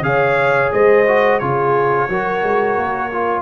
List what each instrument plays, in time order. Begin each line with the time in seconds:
0.00 tuba C#3, trombone G#4, horn C#5, trumpet F5
0.72 tuba G#3, horn C5, trumpet D#5
1.07 trombone F#4
1.39 tuba C#3, trombone F4, horn G#4, trumpet C#5
2.09 tuba F#3, trombone F#4, horn A#4
2.43 tuba G#3
2.76 tuba A#3
3.11 trombone F4